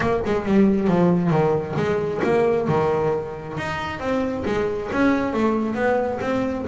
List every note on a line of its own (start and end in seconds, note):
0.00 0.20 A#3
0.25 0.45 G#3
0.45 0.87 G3
0.87 1.30 F3
1.30 1.74 D#3
1.76 2.21 G#3
2.23 2.68 A#3
2.68 3.57 D#3
3.57 3.99 D#4
3.99 4.44 C4
4.45 4.90 G#3
4.92 5.33 C#4
5.33 5.74 A3
5.74 6.19 B3
6.20 6.65 C4